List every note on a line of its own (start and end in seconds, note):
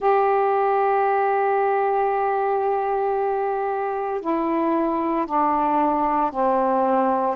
0.00 4.21 G4
4.21 5.25 E4
5.25 6.30 D4
6.30 7.35 C4